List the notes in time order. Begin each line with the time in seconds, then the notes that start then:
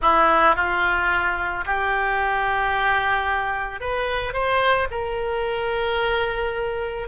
0.01 E4
0.55 F4
1.65 G4
3.80 B4
4.33 C5
4.90 A#4